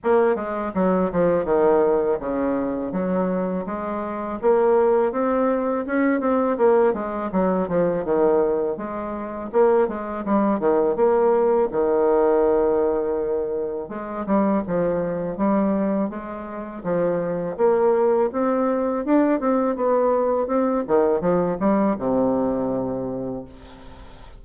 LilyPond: \new Staff \with { instrumentName = "bassoon" } { \time 4/4 \tempo 4 = 82 ais8 gis8 fis8 f8 dis4 cis4 | fis4 gis4 ais4 c'4 | cis'8 c'8 ais8 gis8 fis8 f8 dis4 | gis4 ais8 gis8 g8 dis8 ais4 |
dis2. gis8 g8 | f4 g4 gis4 f4 | ais4 c'4 d'8 c'8 b4 | c'8 dis8 f8 g8 c2 | }